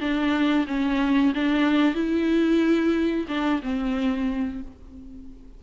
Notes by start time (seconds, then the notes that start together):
0.00 D4
0.67 C#4
1.34 D4
1.95 E4
3.28 D4
3.62 C4